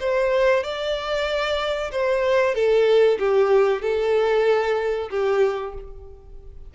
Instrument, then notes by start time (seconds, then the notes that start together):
violin
0.00 C5
0.64 D5
1.91 C5
2.55 A4
3.19 G4
3.82 A4
5.10 G4